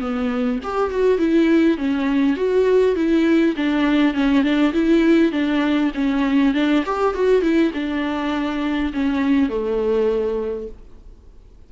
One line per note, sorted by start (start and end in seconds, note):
0.00 0.59 B3
0.63 0.90 G4
0.90 1.19 F#4
1.19 1.78 E4
1.78 2.36 C#4
2.36 2.95 F#4
2.96 3.55 E4
3.56 4.14 D4
4.14 4.43 C#4
4.43 4.73 D4
4.73 5.32 E4
5.32 5.91 D4
5.94 6.54 C#4
6.54 6.84 D4
6.85 7.14 G4
7.14 7.42 F#4
7.42 7.71 E4
7.74 8.92 D4
8.93 9.49 C#4
9.49 10.68 A3